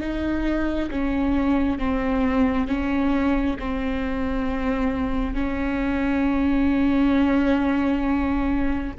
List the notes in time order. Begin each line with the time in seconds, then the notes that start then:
0.00 D#4
0.91 C#4
1.78 C4
2.67 C#4
3.59 C4
5.34 C#4